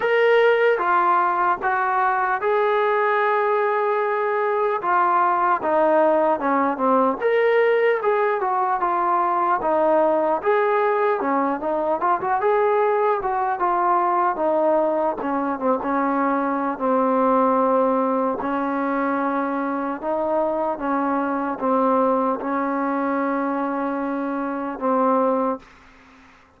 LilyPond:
\new Staff \with { instrumentName = "trombone" } { \time 4/4 \tempo 4 = 75 ais'4 f'4 fis'4 gis'4~ | gis'2 f'4 dis'4 | cis'8 c'8 ais'4 gis'8 fis'8 f'4 | dis'4 gis'4 cis'8 dis'8 f'16 fis'16 gis'8~ |
gis'8 fis'8 f'4 dis'4 cis'8 c'16 cis'16~ | cis'4 c'2 cis'4~ | cis'4 dis'4 cis'4 c'4 | cis'2. c'4 | }